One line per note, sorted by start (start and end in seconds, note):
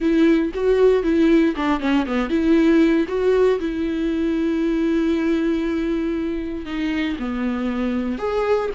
0.00 0.52 E4
0.54 1.03 F#4
1.03 1.54 E4
1.55 1.79 D4
1.79 2.05 C#4
2.06 2.29 B3
2.29 3.06 E4
3.08 3.59 F#4
3.59 6.65 E4
6.65 7.17 D#4
7.19 8.18 B3
8.18 8.69 G#4